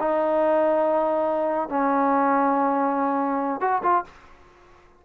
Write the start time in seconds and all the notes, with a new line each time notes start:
0.00 D#4
1.69 C#4
3.61 F#4
3.83 F4